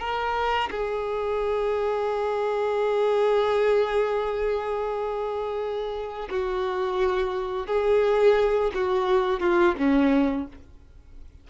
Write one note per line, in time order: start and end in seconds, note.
0.00 0.70 A#4
0.70 6.29 G#4
6.30 7.67 F#4
7.67 8.71 G#4
8.74 9.40 F#4
9.40 9.75 F4
9.78 10.47 C#4